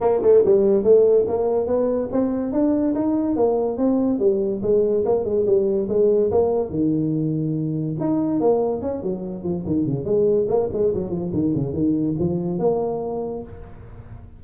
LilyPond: \new Staff \with { instrumentName = "tuba" } { \time 4/4 \tempo 4 = 143 ais8 a8 g4 a4 ais4 | b4 c'4 d'4 dis'4 | ais4 c'4 g4 gis4 | ais8 gis8 g4 gis4 ais4 |
dis2. dis'4 | ais4 cis'8 fis4 f8 dis8 cis8 | gis4 ais8 gis8 fis8 f8 dis8 cis8 | dis4 f4 ais2 | }